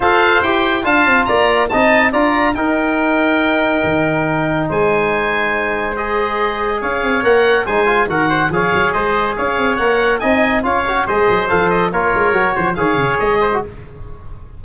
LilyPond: <<
  \new Staff \with { instrumentName = "oboe" } { \time 4/4 \tempo 4 = 141 f''4 g''4 a''4 ais''4 | a''4 ais''4 g''2~ | g''2. gis''4~ | gis''2 dis''2 |
f''4 fis''4 gis''4 fis''4 | f''4 dis''4 f''4 fis''4 | gis''4 f''4 dis''4 f''8 dis''8 | cis''2 f''4 dis''4 | }
  \new Staff \with { instrumentName = "trumpet" } { \time 4/4 c''2 f''4 d''4 | dis''4 d''4 ais'2~ | ais'2. c''4~ | c''1 |
cis''2 c''4 ais'8 c''8 | cis''4 c''4 cis''2 | dis''4 cis''4 c''2 | ais'4. c''8 cis''4. c''8 | }
  \new Staff \with { instrumentName = "trombone" } { \time 4/4 a'4 g'4 f'2 | dis'4 f'4 dis'2~ | dis'1~ | dis'2 gis'2~ |
gis'4 ais'4 dis'8 f'8 fis'4 | gis'2. ais'4 | dis'4 f'8 fis'8 gis'4 a'4 | f'4 fis'4 gis'4.~ gis'16 fis'16 | }
  \new Staff \with { instrumentName = "tuba" } { \time 4/4 f'4 e'4 d'8 c'8 ais4 | c'4 d'4 dis'2~ | dis'4 dis2 gis4~ | gis1 |
cis'8 c'8 ais4 gis4 dis4 | f8 fis8 gis4 cis'8 c'8 ais4 | c'4 cis'4 gis8 fis8 f4 | ais8 gis8 fis8 f8 dis8 cis8 gis4 | }
>>